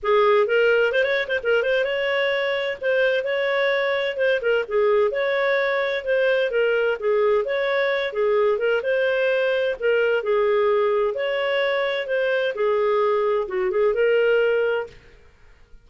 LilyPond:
\new Staff \with { instrumentName = "clarinet" } { \time 4/4 \tempo 4 = 129 gis'4 ais'4 c''16 cis''8 c''16 ais'8 c''8 | cis''2 c''4 cis''4~ | cis''4 c''8 ais'8 gis'4 cis''4~ | cis''4 c''4 ais'4 gis'4 |
cis''4. gis'4 ais'8 c''4~ | c''4 ais'4 gis'2 | cis''2 c''4 gis'4~ | gis'4 fis'8 gis'8 ais'2 | }